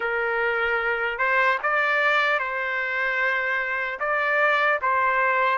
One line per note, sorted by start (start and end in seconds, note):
0.00 1.18 A#4
1.18 1.58 C5
1.63 2.39 D5
2.39 3.99 C5
3.99 4.79 D5
4.81 5.58 C5